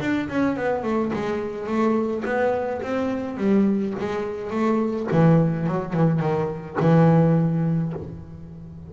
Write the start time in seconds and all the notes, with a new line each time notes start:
0.00 D4
0.29 C#4
0.56 B3
0.83 A3
1.13 G#3
1.66 A3
2.25 B3
2.82 C4
3.37 G3
3.99 G#3
4.50 A3
5.11 E3
5.66 F#3
5.93 E3
6.20 D#3
6.80 E3